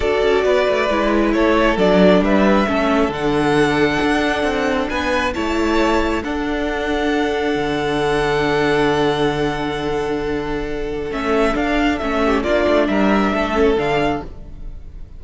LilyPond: <<
  \new Staff \with { instrumentName = "violin" } { \time 4/4 \tempo 4 = 135 d''2. cis''4 | d''4 e''2 fis''4~ | fis''2. gis''4 | a''2 fis''2~ |
fis''1~ | fis''1~ | fis''4 e''4 f''4 e''4 | d''4 e''2 f''4 | }
  \new Staff \with { instrumentName = "violin" } { \time 4/4 a'4 b'2 a'4~ | a'4 b'4 a'2~ | a'2. b'4 | cis''2 a'2~ |
a'1~ | a'1~ | a'2.~ a'8 g'8 | f'4 ais'4 a'2 | }
  \new Staff \with { instrumentName = "viola" } { \time 4/4 fis'2 e'2 | d'2 cis'4 d'4~ | d'1 | e'2 d'2~ |
d'1~ | d'1~ | d'4 cis'4 d'4 cis'4 | d'2~ d'8 cis'8 d'4 | }
  \new Staff \with { instrumentName = "cello" } { \time 4/4 d'8 cis'8 b8 a8 gis4 a4 | fis4 g4 a4 d4~ | d4 d'4 c'4 b4 | a2 d'2~ |
d'4 d2.~ | d1~ | d4 a4 d'4 a4 | ais8 a8 g4 a4 d4 | }
>>